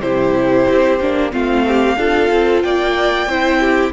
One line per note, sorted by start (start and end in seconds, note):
0.00 0.65 C3
0.00 1.00 E4
0.00 1.32 G4
0.00 1.31 C5
0.69 1.00 C4
1.00 1.32 A#3
1.00 1.31 D4
1.31 1.96 A3
1.31 1.96 C4
1.31 1.65 F4
1.31 2.61 F5
1.67 1.98 G4
1.96 2.28 D4
1.96 3.28 F4
1.96 2.63 A4
2.31 2.63 C4
2.61 3.26 A#3
2.61 3.28 D5
2.61 3.92 G5
3.26 3.91 C4
3.26 3.92 E4
3.26 3.60 C5
3.60 3.92 G4